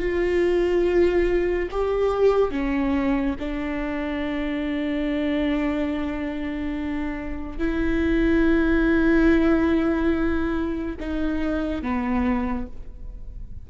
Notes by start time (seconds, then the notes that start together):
0.00 F4
1.72 G4
2.51 C#4
3.40 D4
7.59 E4
11.00 D#4
11.83 B3